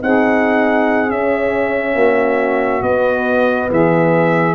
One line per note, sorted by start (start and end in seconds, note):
0.00 1.11 C4
0.00 1.09 D#4
0.00 1.94 G#4
0.00 1.11 F#5
1.10 2.84 C#4
1.10 1.95 C#4
1.10 2.83 E5
1.94 2.82 A#3
1.94 3.68 F#4
2.82 3.69 B3
2.82 4.55 B3
2.82 3.70 D#5
3.71 4.55 E3
3.71 4.55 G#4
3.71 4.55 E5